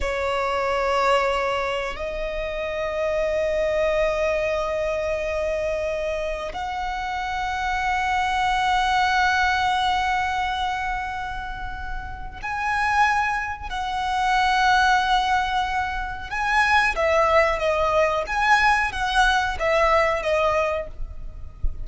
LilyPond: \new Staff \with { instrumentName = "violin" } { \time 4/4 \tempo 4 = 92 cis''2. dis''4~ | dis''1~ | dis''2 fis''2~ | fis''1~ |
fis''2. gis''4~ | gis''4 fis''2.~ | fis''4 gis''4 e''4 dis''4 | gis''4 fis''4 e''4 dis''4 | }